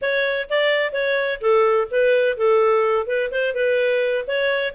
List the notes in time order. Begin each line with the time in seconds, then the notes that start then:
0.01 C#5
0.49 D5
0.92 C#5
1.40 A4
1.90 B4
2.37 A4
3.06 B4
3.31 C5
3.54 B4
4.27 C#5